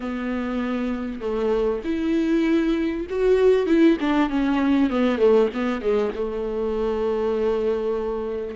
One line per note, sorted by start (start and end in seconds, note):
0.00 1.21 B3
1.21 1.82 A3
1.84 3.06 E4
3.09 3.66 F#4
3.66 3.97 E4
4.00 4.29 D4
4.29 4.90 C#4
4.90 5.18 B3
5.18 5.49 A3
5.53 5.81 B3
5.81 6.12 G#3
6.15 8.56 A3